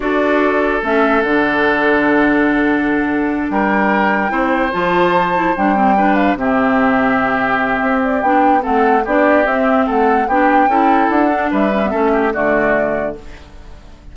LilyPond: <<
  \new Staff \with { instrumentName = "flute" } { \time 4/4 \tempo 4 = 146 d''2 e''4 fis''4~ | fis''1~ | fis''8 g''2. a''8~ | a''4. g''4. f''8 e''8~ |
e''2.~ e''8 d''8 | g''4 fis''4 d''4 e''4 | fis''4 g''2 fis''4 | e''2 d''2 | }
  \new Staff \with { instrumentName = "oboe" } { \time 4/4 a'1~ | a'1~ | a'8 ais'2 c''4.~ | c''2~ c''8 b'4 g'8~ |
g'1~ | g'4 a'4 g'2 | a'4 g'4 a'2 | b'4 a'8 g'8 fis'2 | }
  \new Staff \with { instrumentName = "clarinet" } { \time 4/4 fis'2 cis'4 d'4~ | d'1~ | d'2~ d'8 e'4 f'8~ | f'4 e'8 d'8 c'8 d'4 c'8~ |
c'1 | d'4 c'4 d'4 c'4~ | c'4 d'4 e'4. d'8~ | d'8 cis'16 b16 cis'4 a2 | }
  \new Staff \with { instrumentName = "bassoon" } { \time 4/4 d'2 a4 d4~ | d1~ | d8 g2 c'4 f8~ | f4. g2 c8~ |
c2. c'4 | b4 a4 b4 c'4 | a4 b4 cis'4 d'4 | g4 a4 d2 | }
>>